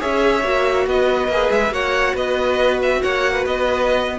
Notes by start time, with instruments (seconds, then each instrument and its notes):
0.00 cello C#4, viola G#4, violin C#5 E5
0.43 cello A#3, viola F#4
0.87 cello B3, violin B4 D#5
1.28 cello A#3, viola G#4
1.51 cello G#3, violin E5
1.71 cello A#3, viola F#4, violin C#5 F#5
2.14 cello B3, violin B4 D#5
2.82 violin E5
3.02 cello A#3, violin C#5 F#5
3.33 violin B4
3.46 cello B3, violin D#5